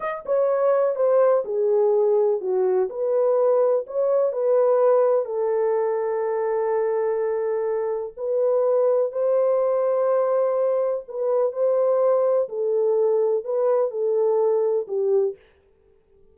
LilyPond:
\new Staff \with { instrumentName = "horn" } { \time 4/4 \tempo 4 = 125 dis''8 cis''4. c''4 gis'4~ | gis'4 fis'4 b'2 | cis''4 b'2 a'4~ | a'1~ |
a'4 b'2 c''4~ | c''2. b'4 | c''2 a'2 | b'4 a'2 g'4 | }